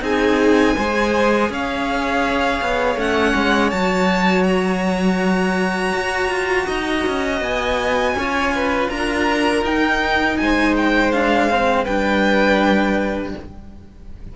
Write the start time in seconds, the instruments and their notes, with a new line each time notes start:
0.00 cello C4 D#4, violin G#4 G#5
0.76 cello G#3 G#4, violin C5
1.49 cello C#4, violin C#5 F5
2.61 cello B3
2.95 cello A3 C#4, violin F#5
3.35 cello G#3
3.70 cello F#3 F#4, violin A5
4.43 violin A#5
5.93 cello F#4
6.29 cello F4
6.66 cello D#4, violin D#5
7.06 cello C#4
7.40 cello B3, violin G#5
8.14 cello C#4 F4, violin C#5
8.55 violin B4
8.89 cello D4, violin A#4 A#5
9.62 cello D#4, violin G5
10.37 cello G#3, violin C5 G#5
10.76 violin G5
11.12 cello D4, violin F5
11.49 cello C4
11.84 cello G3 D4, violin B4 G5